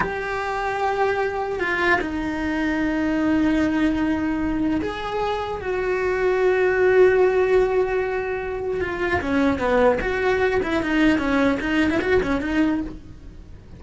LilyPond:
\new Staff \with { instrumentName = "cello" } { \time 4/4 \tempo 4 = 150 g'1 | f'4 dis'2.~ | dis'1 | gis'2 fis'2~ |
fis'1~ | fis'2 f'4 cis'4 | b4 fis'4. e'8 dis'4 | cis'4 dis'8. e'16 fis'8 cis'8 dis'4 | }